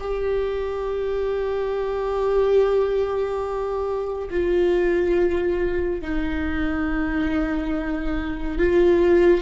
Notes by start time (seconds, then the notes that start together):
0.00 G4
4.30 F4
6.01 D#4
8.58 F4